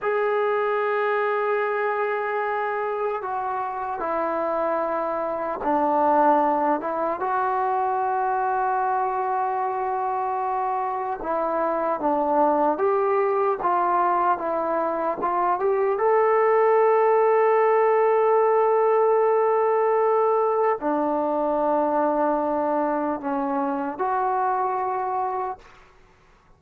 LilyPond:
\new Staff \with { instrumentName = "trombone" } { \time 4/4 \tempo 4 = 75 gis'1 | fis'4 e'2 d'4~ | d'8 e'8 fis'2.~ | fis'2 e'4 d'4 |
g'4 f'4 e'4 f'8 g'8 | a'1~ | a'2 d'2~ | d'4 cis'4 fis'2 | }